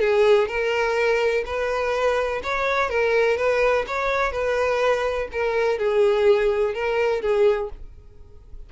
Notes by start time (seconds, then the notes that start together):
0.00 G#4
0.48 A#4
1.46 B4
2.43 C#5
2.90 A#4
3.37 B4
3.87 C#5
4.32 B4
5.32 A#4
5.79 G#4
6.74 A#4
7.22 G#4